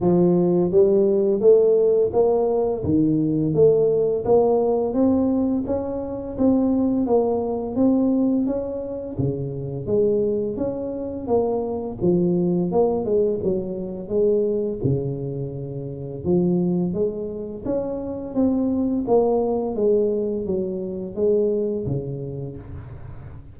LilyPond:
\new Staff \with { instrumentName = "tuba" } { \time 4/4 \tempo 4 = 85 f4 g4 a4 ais4 | dis4 a4 ais4 c'4 | cis'4 c'4 ais4 c'4 | cis'4 cis4 gis4 cis'4 |
ais4 f4 ais8 gis8 fis4 | gis4 cis2 f4 | gis4 cis'4 c'4 ais4 | gis4 fis4 gis4 cis4 | }